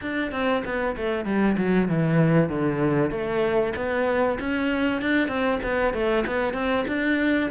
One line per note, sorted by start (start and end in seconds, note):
0.01 0.31 D4
0.31 0.62 C4
0.64 0.96 B3
0.96 1.25 A3
1.25 1.56 G3
1.57 1.88 F#3
1.88 2.49 E3
2.49 3.10 D3
3.10 3.73 A3
3.76 4.38 B3
4.39 5.01 C#4
5.01 5.28 D4
5.28 5.59 C4
5.63 5.93 B3
5.93 6.24 A3
6.26 6.53 B3
6.53 6.85 C4
6.87 7.50 D4